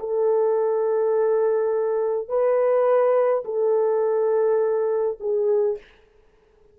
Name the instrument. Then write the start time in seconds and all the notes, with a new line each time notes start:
horn
0.00 A4
2.29 B4
3.45 A4
5.20 G#4